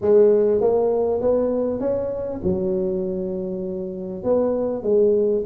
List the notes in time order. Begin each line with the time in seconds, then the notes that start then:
0.01 G#3
0.61 A#3
1.21 B3
1.80 C#4
2.43 F#3
4.23 B3
4.83 G#3